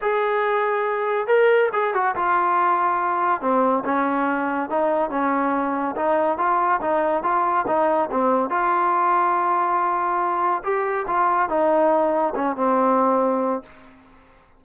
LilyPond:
\new Staff \with { instrumentName = "trombone" } { \time 4/4 \tempo 4 = 141 gis'2. ais'4 | gis'8 fis'8 f'2. | c'4 cis'2 dis'4 | cis'2 dis'4 f'4 |
dis'4 f'4 dis'4 c'4 | f'1~ | f'4 g'4 f'4 dis'4~ | dis'4 cis'8 c'2~ c'8 | }